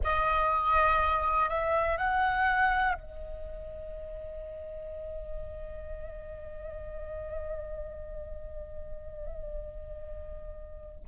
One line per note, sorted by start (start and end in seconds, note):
0.03 1.49 D#5
1.49 1.97 E5
1.97 2.93 F#5
2.93 11.05 D#5